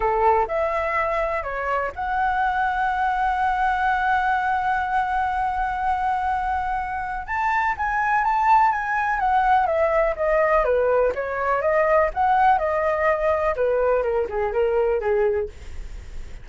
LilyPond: \new Staff \with { instrumentName = "flute" } { \time 4/4 \tempo 4 = 124 a'4 e''2 cis''4 | fis''1~ | fis''1~ | fis''2. a''4 |
gis''4 a''4 gis''4 fis''4 | e''4 dis''4 b'4 cis''4 | dis''4 fis''4 dis''2 | b'4 ais'8 gis'8 ais'4 gis'4 | }